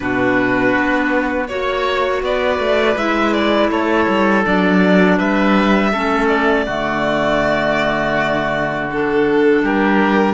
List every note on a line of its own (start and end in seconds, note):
0.00 0.75 B2
0.00 1.46 D4
0.00 1.48 F#4
0.00 1.46 B4
0.75 1.49 B3
1.47 2.22 A#3
1.47 2.97 F#4
1.47 2.21 C#5
1.47 2.22 C#5
2.22 2.59 B3
2.22 3.71 B4
2.22 2.97 D5
2.59 2.96 A3
2.96 3.69 G#3
2.96 4.44 E4
2.96 3.32 E5
3.32 3.69 D5
3.69 4.06 A3
3.69 5.17 A4
3.69 4.45 C#5
4.08 4.45 G3
4.44 5.19 F#3
4.44 5.92 D4
4.44 5.18 D5
5.17 5.93 G3
5.17 5.91 B4
5.17 6.27 E5
5.92 6.67 A3
5.92 6.66 C#4
5.92 6.65 A4
6.27 8.87 D5
6.65 9.62 D3
6.65 8.90 A3
6.65 9.61 F#4
8.91 10.34 D4
8.91 9.65 A4
9.62 10.34 G3
9.62 10.34 G4
9.62 10.34 A#4